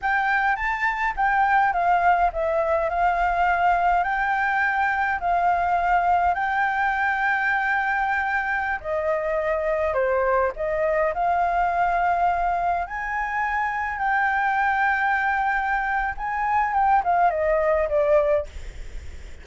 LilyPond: \new Staff \with { instrumentName = "flute" } { \time 4/4 \tempo 4 = 104 g''4 a''4 g''4 f''4 | e''4 f''2 g''4~ | g''4 f''2 g''4~ | g''2.~ g''16 dis''8.~ |
dis''4~ dis''16 c''4 dis''4 f''8.~ | f''2~ f''16 gis''4.~ gis''16~ | gis''16 g''2.~ g''8. | gis''4 g''8 f''8 dis''4 d''4 | }